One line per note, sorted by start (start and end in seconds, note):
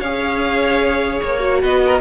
0.00 1.20 C#4
0.00 1.40 G#4
0.00 1.60 C#5
0.00 1.20 F5
1.21 1.63 A#3
1.21 1.61 C#5
1.40 2.00 F#4
1.61 2.01 B3
1.61 1.81 B4
1.61 2.01 D#5
1.86 2.01 A#4